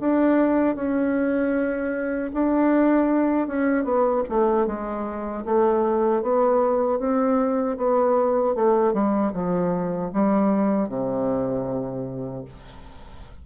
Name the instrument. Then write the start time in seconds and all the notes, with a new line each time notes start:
bassoon
0.00 D4
0.75 C#4
2.33 D4
3.47 C#4
3.84 B3
4.29 A3
4.67 G#3
5.45 A3
6.22 B3
6.99 C4
7.77 B3
8.55 A3
8.93 G3
9.34 F3
10.13 G3
10.89 C3